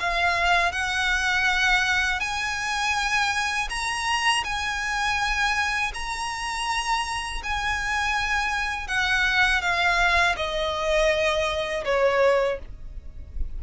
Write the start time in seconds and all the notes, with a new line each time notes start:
0.00 F5
0.72 F#5
2.21 G#5
3.70 A#5
4.44 G#5
5.95 A#5
7.44 G#5
8.88 F#5
9.62 F5
10.37 D#5
11.85 C#5